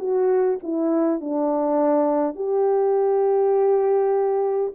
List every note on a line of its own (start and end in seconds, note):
0.00 0.59 F#4
0.63 1.21 E4
1.21 2.36 D4
2.36 4.74 G4